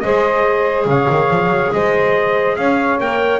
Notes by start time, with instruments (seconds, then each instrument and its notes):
0.00 double bass G#3, clarinet G#4, saxophone C5, trumpet D#5
0.85 double bass C#3, saxophone C#5, trumpet F5
1.10 double bass D#3
1.30 double bass F3
1.46 double bass F#3
1.73 double bass G#3, saxophone C5, trumpet D#5
2.56 double bass C#4, saxophone C#5, trumpet F5
2.99 double bass A#3, clarinet A#4, trumpet G5